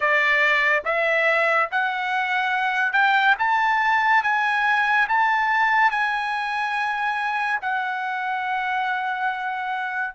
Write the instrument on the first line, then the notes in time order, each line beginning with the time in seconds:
trumpet
0.00 D5
0.85 E5
1.71 F#5
2.92 G5
3.38 A5
4.23 G#5
5.08 A5
5.90 G#5
7.61 F#5